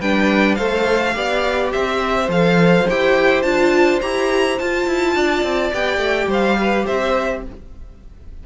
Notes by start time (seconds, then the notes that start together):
0.00 G3 D4 B4 G5
0.55 A3 A4 C5 F5
1.13 B3 G4 D5
1.72 C4 C5 E5
2.28 F3 A4 F5
2.89 E4 G4 G5
3.42 D4 F4 A5
4.01 E4 G4 A#5
4.58 F4 A5
4.86 E4
5.15 D4 D5
5.43 C4
5.73 B3 G4 G5
5.97 A3
6.27 G3 C5 F5
6.60 B4
6.86 C4 C5 E5